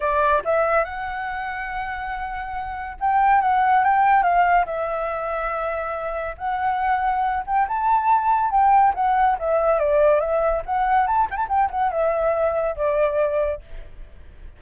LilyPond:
\new Staff \with { instrumentName = "flute" } { \time 4/4 \tempo 4 = 141 d''4 e''4 fis''2~ | fis''2. g''4 | fis''4 g''4 f''4 e''4~ | e''2. fis''4~ |
fis''4. g''8 a''2 | g''4 fis''4 e''4 d''4 | e''4 fis''4 a''8 g''16 a''16 g''8 fis''8 | e''2 d''2 | }